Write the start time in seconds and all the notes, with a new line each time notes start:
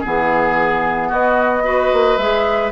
0.00 E3 B3 G#4
1.08 B3 F#4 D#5
1.63 F#4 B4
1.92 A#3
2.17 G#3 G#4 E5